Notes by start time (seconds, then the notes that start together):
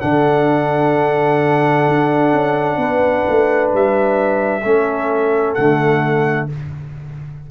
0.00 D3 D4 A4 F#5
1.88 D4
2.33 C#4
2.77 B3 B4
3.29 A3
3.73 G3 E5
4.64 A3 C#4 A4
5.54 D3 A3 F#5